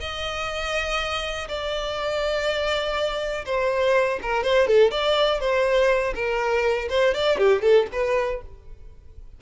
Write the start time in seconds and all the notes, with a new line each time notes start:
0.00 D#5
1.48 D5
3.45 C5
4.22 A#4
4.43 C5
4.67 A4
4.91 D5
5.40 C5
6.15 A#4
6.89 C5
7.14 D5
7.37 G4
7.62 A4
7.92 B4